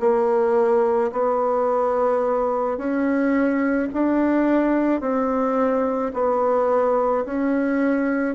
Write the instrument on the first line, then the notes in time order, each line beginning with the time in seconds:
bassoon
0.00 A#3
1.12 B3
2.77 C#4
3.93 D4
5.01 C4
6.14 B3
7.25 C#4